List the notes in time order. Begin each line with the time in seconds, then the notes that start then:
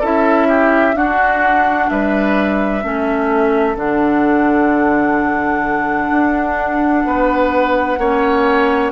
0.00 C#4 E4 A4 E5
0.48 G4
0.93 D4 F#4 F#5
1.89 G3 B4 E5
2.82 A3 C#4 A4
3.75 D3 D4 F#5
6.10 D4
7.05 B3 B4
7.98 A#3 C#4 C#5